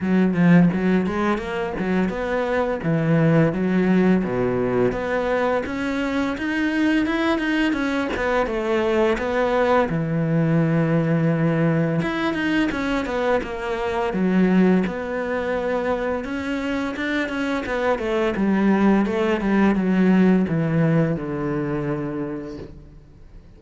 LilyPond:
\new Staff \with { instrumentName = "cello" } { \time 4/4 \tempo 4 = 85 fis8 f8 fis8 gis8 ais8 fis8 b4 | e4 fis4 b,4 b4 | cis'4 dis'4 e'8 dis'8 cis'8 b8 | a4 b4 e2~ |
e4 e'8 dis'8 cis'8 b8 ais4 | fis4 b2 cis'4 | d'8 cis'8 b8 a8 g4 a8 g8 | fis4 e4 d2 | }